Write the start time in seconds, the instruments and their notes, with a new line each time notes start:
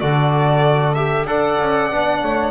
0.00 double bass D3, trombone F#4, saxophone A4, violin D5
0.95 trombone G4, violin E5
1.25 double bass D4, trombone A4, saxophone D5, violin F#5
1.60 double bass C#4
1.91 double bass B3, trombone D4
2.21 double bass A3, saxophone C#5